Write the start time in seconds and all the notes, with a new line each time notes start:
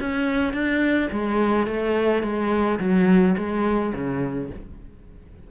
0.00 C#4
0.53 D4
1.11 G#3
1.67 A3
2.23 G#3
2.79 F#3
3.37 G#3
3.94 C#3